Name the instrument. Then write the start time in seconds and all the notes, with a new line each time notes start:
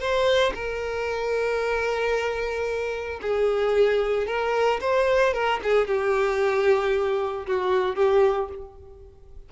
violin
0.00 C5
0.55 A#4
3.22 G#4
4.27 A#4
4.81 C5
5.34 A#4
5.64 G#4
5.87 G4
7.47 F#4
7.96 G4